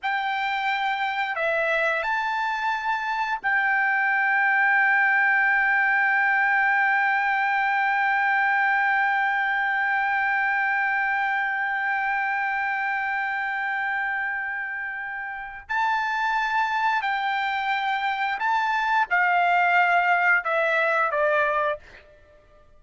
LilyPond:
\new Staff \with { instrumentName = "trumpet" } { \time 4/4 \tempo 4 = 88 g''2 e''4 a''4~ | a''4 g''2.~ | g''1~ | g''1~ |
g''1~ | g''2. a''4~ | a''4 g''2 a''4 | f''2 e''4 d''4 | }